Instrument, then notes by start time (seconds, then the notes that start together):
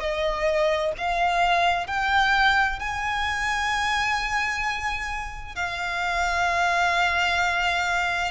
violin
0.00 D#5
0.98 F5
1.87 G5
2.79 G#5
5.56 F5